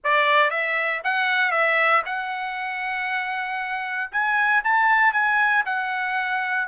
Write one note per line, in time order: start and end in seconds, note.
0.03 0.50 D5
0.50 1.01 E5
1.04 1.51 F#5
1.51 2.02 E5
2.05 4.10 F#5
4.11 4.63 G#5
4.64 5.12 A5
5.12 5.64 G#5
5.65 6.68 F#5